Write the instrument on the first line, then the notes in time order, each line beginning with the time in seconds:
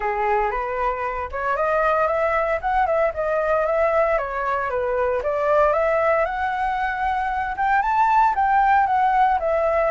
flute
0.00 G#4
0.51 B4
1.31 C#5
1.56 D#5
2.07 E5
2.61 F#5
2.86 E5
3.14 D#5
3.66 E5
4.18 C#5
4.70 B4
5.22 D5
5.72 E5
6.25 F#5
7.56 G5
7.82 A5
8.35 G5
8.86 F#5
9.39 E5